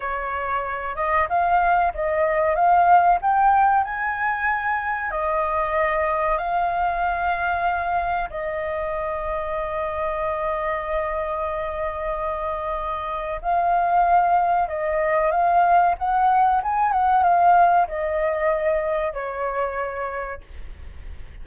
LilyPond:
\new Staff \with { instrumentName = "flute" } { \time 4/4 \tempo 4 = 94 cis''4. dis''8 f''4 dis''4 | f''4 g''4 gis''2 | dis''2 f''2~ | f''4 dis''2.~ |
dis''1~ | dis''4 f''2 dis''4 | f''4 fis''4 gis''8 fis''8 f''4 | dis''2 cis''2 | }